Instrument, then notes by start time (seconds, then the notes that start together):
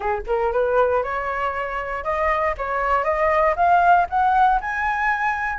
flute
0.00 G#4
0.26 A#4
0.52 B4
1.03 C#5
2.04 D#5
2.57 C#5
3.03 D#5
3.56 F5
4.09 F#5
4.60 G#5